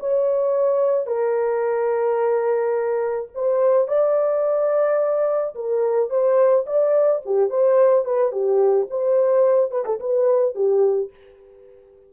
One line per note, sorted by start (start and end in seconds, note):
0.00 1.07 C#5
1.07 3.30 A#4
3.35 3.88 C5
3.88 5.55 D5
5.56 6.10 A#4
6.10 6.66 C5
6.66 7.22 D5
7.26 7.50 G4
7.50 8.06 C5
8.06 8.32 B4
8.32 8.88 G4
8.91 9.71 C5
9.71 9.85 B4
9.86 10.00 A4
10.00 10.55 B4
10.55 11.11 G4